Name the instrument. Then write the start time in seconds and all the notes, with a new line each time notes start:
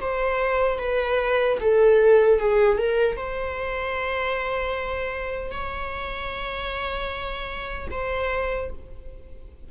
viola
0.00 C5
0.79 B4
1.60 A4
2.39 G#4
2.77 A#4
3.17 C5
5.51 C#5
7.91 C5